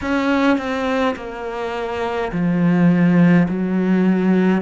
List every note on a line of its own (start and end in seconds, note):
0.01 0.57 C#4
0.57 1.15 C4
1.15 2.31 A#3
2.32 3.47 F3
3.48 4.62 F#3